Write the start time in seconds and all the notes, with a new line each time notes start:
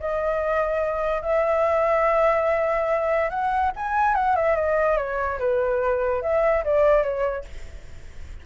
0.00 D#5
1.22 E5
3.30 F#5
3.76 G#5
4.15 F#5
4.36 E5
4.56 D#5
4.97 C#5
5.39 B4
6.22 E5
6.64 D5
7.03 C#5